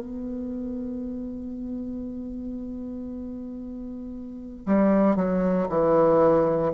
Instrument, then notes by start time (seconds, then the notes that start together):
bassoon
0.00 B3
4.66 G3
5.15 F#3
5.69 E3